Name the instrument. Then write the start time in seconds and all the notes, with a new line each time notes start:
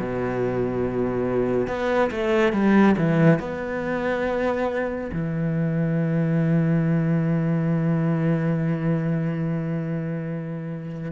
cello
0.00 B2
1.68 B3
2.11 A3
2.53 G3
2.98 E3
3.40 B3
5.13 E3